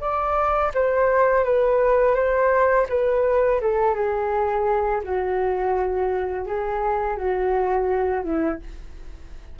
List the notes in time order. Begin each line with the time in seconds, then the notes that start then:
0.00 D5
0.74 C5
1.44 B4
2.15 C5
2.89 B4
3.61 A4
3.94 G#4
5.03 F#4
6.46 G#4
7.17 F#4
8.23 E4